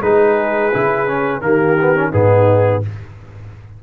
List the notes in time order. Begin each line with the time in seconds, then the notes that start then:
0.00 G#3 D#4 G#4 B4
0.73 C#3 E4
1.07 C#4
1.41 D#3 A#3 G4 A#4
1.81 B3
1.95 C#4
2.10 G#2 B3 D#4 G#4